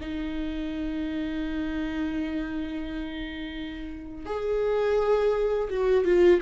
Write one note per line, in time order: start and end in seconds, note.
0.00 4.26 D#4
4.26 5.69 G#4
5.69 6.05 F#4
6.05 6.40 F4